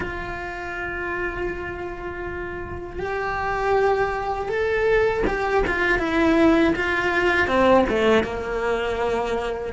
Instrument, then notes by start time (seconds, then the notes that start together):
cello
0.00 F4
2.99 G4
4.48 A4
5.26 G4
5.66 F4
5.99 E4
6.75 F4
7.47 C4
7.89 A3
8.23 A#3